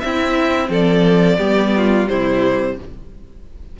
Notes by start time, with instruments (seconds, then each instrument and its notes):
0.00 viola C4, cello C4, violin E4 E5
0.69 cello F3, violin A4 D5
1.38 cello G3, viola B3, violin G4
1.77 violin F4
2.07 cello C3, viola G3, violin E4 C5